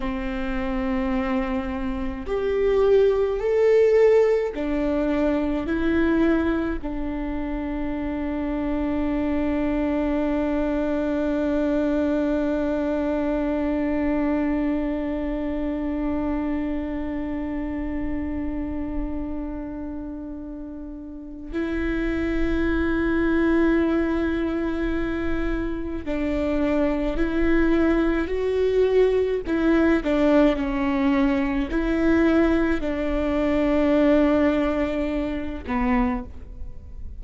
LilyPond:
\new Staff \with { instrumentName = "viola" } { \time 4/4 \tempo 4 = 53 c'2 g'4 a'4 | d'4 e'4 d'2~ | d'1~ | d'1~ |
d'2. e'4~ | e'2. d'4 | e'4 fis'4 e'8 d'8 cis'4 | e'4 d'2~ d'8 b8 | }